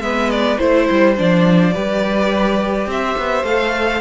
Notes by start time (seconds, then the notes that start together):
0.00 G#3 B3 B4 E5
0.30 D5
0.58 A3 E4 C5
0.90 G3
1.16 F3 D4 D5
1.73 G3 G4 B4
2.87 C4 C5 E5
3.18 B3
3.44 A3 A4 F5